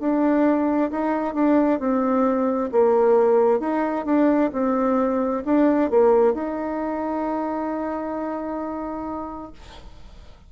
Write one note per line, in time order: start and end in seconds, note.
0.00 0.91 D4
0.92 1.35 D#4
1.35 1.80 D4
1.80 2.71 C4
2.72 3.60 A#3
3.60 4.06 D#4
4.06 4.51 D4
4.53 5.44 C4
5.45 5.90 D4
5.90 6.34 A#3
6.34 9.52 D#4